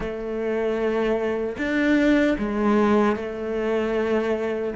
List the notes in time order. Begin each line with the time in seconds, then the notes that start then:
0.00 A3
1.58 D4
2.38 G#3
3.16 A3